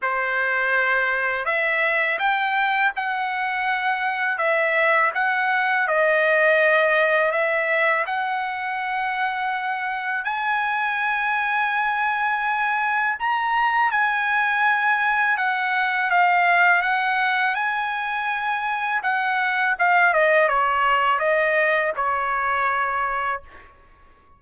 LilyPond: \new Staff \with { instrumentName = "trumpet" } { \time 4/4 \tempo 4 = 82 c''2 e''4 g''4 | fis''2 e''4 fis''4 | dis''2 e''4 fis''4~ | fis''2 gis''2~ |
gis''2 ais''4 gis''4~ | gis''4 fis''4 f''4 fis''4 | gis''2 fis''4 f''8 dis''8 | cis''4 dis''4 cis''2 | }